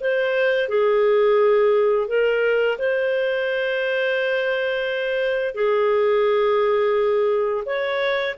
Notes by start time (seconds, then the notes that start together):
0.00 C5
0.68 G#4
2.08 A#4
2.78 C5
5.54 G#4
7.65 C#5